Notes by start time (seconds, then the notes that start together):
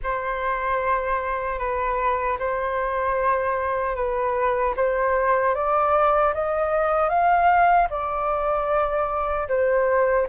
0.03 C5
1.58 B4
2.39 C5
3.95 B4
4.76 C5
5.54 D5
6.34 D#5
7.09 F5
7.89 D5
9.48 C5